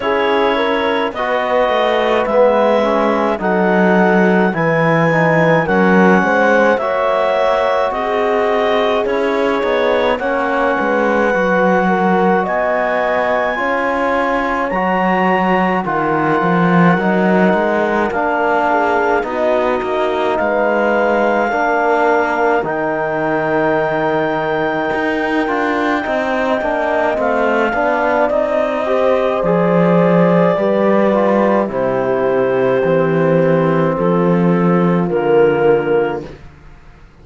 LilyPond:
<<
  \new Staff \with { instrumentName = "clarinet" } { \time 4/4 \tempo 4 = 53 cis''4 dis''4 e''4 fis''4 | gis''4 fis''4 e''4 dis''4 | cis''4 fis''2 gis''4~ | gis''4 ais''4 fis''2 |
f''4 dis''4 f''2 | g''1 | f''4 dis''4 d''2 | c''2 a'4 ais'4 | }
  \new Staff \with { instrumentName = "horn" } { \time 4/4 gis'8 ais'8 b'2 a'4 | b'4 ais'8 c''8 cis''4 gis'4~ | gis'4 cis''8 b'4 ais'8 dis''4 | cis''2 ais'2~ |
ais'8 gis'8 fis'4 b'4 ais'4~ | ais'2. dis''4~ | dis''8 d''4 c''4. b'4 | g'2 f'2 | }
  \new Staff \with { instrumentName = "trombone" } { \time 4/4 e'4 fis'4 b8 cis'8 dis'4 | e'8 dis'8 cis'4 fis'2 | e'8 dis'8 cis'4 fis'2 | f'4 fis'4 f'4 dis'4 |
d'4 dis'2 d'4 | dis'2~ dis'8 f'8 dis'8 d'8 | c'8 d'8 dis'8 g'8 gis'4 g'8 f'8 | e'4 c'2 ais4 | }
  \new Staff \with { instrumentName = "cello" } { \time 4/4 cis'4 b8 a8 gis4 fis4 | e4 fis8 gis8 ais4 c'4 | cis'8 b8 ais8 gis8 fis4 b4 | cis'4 fis4 dis8 f8 fis8 gis8 |
ais4 b8 ais8 gis4 ais4 | dis2 dis'8 d'8 c'8 ais8 | a8 b8 c'4 f4 g4 | c4 e4 f4 d4 | }
>>